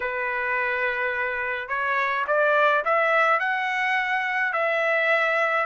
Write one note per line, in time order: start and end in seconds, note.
0.00 1.68 B4
1.68 2.25 C#5
2.27 2.84 D5
2.85 3.39 E5
3.39 4.52 F#5
4.53 5.66 E5